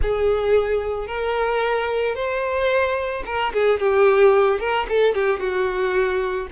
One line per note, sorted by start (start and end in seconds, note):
0.02 1.07 G#4
1.07 2.15 A#4
2.15 3.23 C5
3.25 3.52 A#4
3.53 3.79 G#4
3.79 4.59 G4
4.59 4.86 A#4
4.88 5.14 A4
5.14 5.39 G4
5.39 6.47 F#4